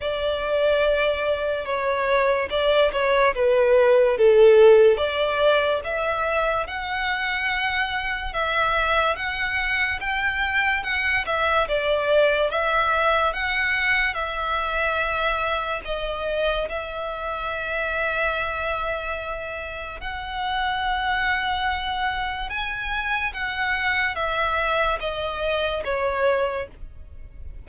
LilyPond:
\new Staff \with { instrumentName = "violin" } { \time 4/4 \tempo 4 = 72 d''2 cis''4 d''8 cis''8 | b'4 a'4 d''4 e''4 | fis''2 e''4 fis''4 | g''4 fis''8 e''8 d''4 e''4 |
fis''4 e''2 dis''4 | e''1 | fis''2. gis''4 | fis''4 e''4 dis''4 cis''4 | }